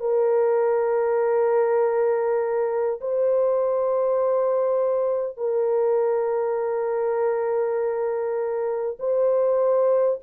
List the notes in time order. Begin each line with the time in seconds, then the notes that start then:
0.00 A#4
3.01 C5
5.37 A#4
8.99 C5